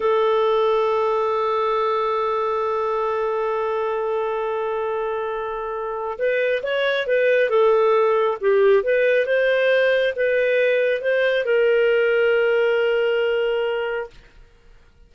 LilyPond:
\new Staff \with { instrumentName = "clarinet" } { \time 4/4 \tempo 4 = 136 a'1~ | a'1~ | a'1~ | a'2 b'4 cis''4 |
b'4 a'2 g'4 | b'4 c''2 b'4~ | b'4 c''4 ais'2~ | ais'1 | }